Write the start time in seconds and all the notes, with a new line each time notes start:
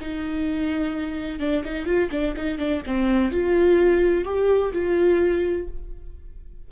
0.00 D#4
1.39 D4
1.64 D#4
1.85 F4
2.11 D4
2.36 D#4
2.58 D4
2.86 C4
3.31 F4
4.24 G4
4.72 F4